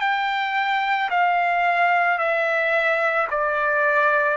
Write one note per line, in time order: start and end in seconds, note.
0.00 1.09 G5
1.10 2.18 F5
2.18 3.27 E5
3.30 4.36 D5